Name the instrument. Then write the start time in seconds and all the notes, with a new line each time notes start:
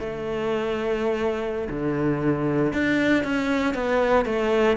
cello
0.00 A3
1.70 D3
2.73 D4
3.24 C#4
3.75 B3
4.25 A3